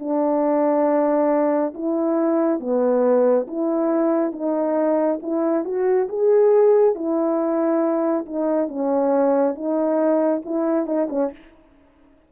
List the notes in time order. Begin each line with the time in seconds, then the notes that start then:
0.00 D4
1.75 E4
2.60 B3
3.48 E4
4.33 D#4
5.23 E4
5.65 F#4
6.09 G#4
6.95 E4
8.26 D#4
8.69 C#4
9.55 D#4
10.45 E4
10.87 D#4
11.10 C#4